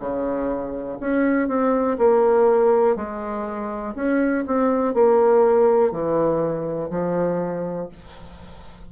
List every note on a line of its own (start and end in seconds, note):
0.00 0.98 C#3
1.00 1.48 C#4
1.48 1.98 C4
1.99 2.96 A#3
2.96 3.95 G#3
3.95 4.44 C#4
4.47 4.94 C4
4.94 5.92 A#3
5.92 6.90 E3
6.90 7.89 F3